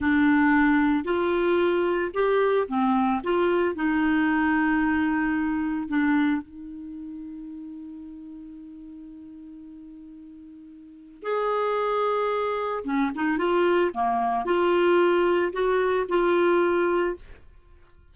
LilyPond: \new Staff \with { instrumentName = "clarinet" } { \time 4/4 \tempo 4 = 112 d'2 f'2 | g'4 c'4 f'4 dis'4~ | dis'2. d'4 | dis'1~ |
dis'1~ | dis'4 gis'2. | cis'8 dis'8 f'4 ais4 f'4~ | f'4 fis'4 f'2 | }